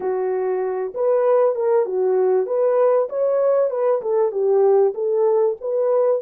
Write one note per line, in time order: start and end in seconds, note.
0.00 0.93 F#4
0.94 1.55 B4
1.55 1.85 A#4
1.85 2.46 F#4
2.46 3.08 B4
3.09 3.70 C#5
3.70 4.01 B4
4.01 4.31 A4
4.31 4.93 G4
4.94 5.56 A4
5.60 6.21 B4